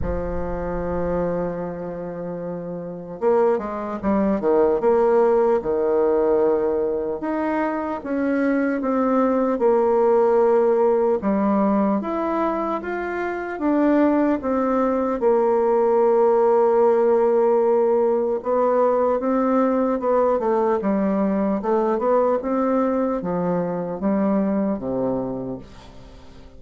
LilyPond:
\new Staff \with { instrumentName = "bassoon" } { \time 4/4 \tempo 4 = 75 f1 | ais8 gis8 g8 dis8 ais4 dis4~ | dis4 dis'4 cis'4 c'4 | ais2 g4 e'4 |
f'4 d'4 c'4 ais4~ | ais2. b4 | c'4 b8 a8 g4 a8 b8 | c'4 f4 g4 c4 | }